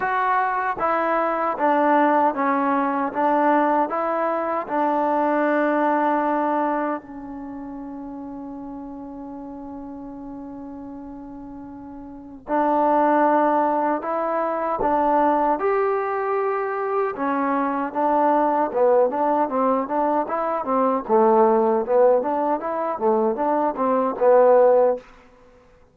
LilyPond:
\new Staff \with { instrumentName = "trombone" } { \time 4/4 \tempo 4 = 77 fis'4 e'4 d'4 cis'4 | d'4 e'4 d'2~ | d'4 cis'2.~ | cis'1 |
d'2 e'4 d'4 | g'2 cis'4 d'4 | b8 d'8 c'8 d'8 e'8 c'8 a4 | b8 d'8 e'8 a8 d'8 c'8 b4 | }